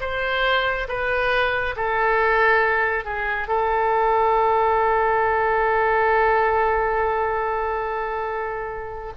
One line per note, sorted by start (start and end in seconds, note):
0.00 0.87 C5
0.88 1.75 B4
1.76 3.04 A4
3.04 3.47 G#4
3.47 9.13 A4